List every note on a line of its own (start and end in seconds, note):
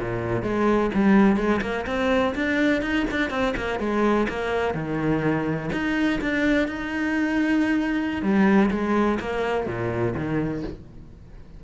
0.00 0.43 A#2
0.43 0.91 G#3
0.94 1.37 G3
1.37 1.61 G#3
1.62 1.86 A#3
1.87 2.35 C4
2.35 2.82 D4
2.82 3.06 D#4
3.11 3.31 D4
3.31 3.55 C4
3.57 3.79 A#3
3.79 4.27 G#3
4.29 4.75 A#3
4.75 5.71 D#3
5.73 6.21 D#4
6.21 6.68 D4
6.68 8.22 D#4
8.22 8.70 G3
8.71 9.19 G#3
9.20 9.67 A#3
9.67 10.15 A#2
10.16 10.64 D#3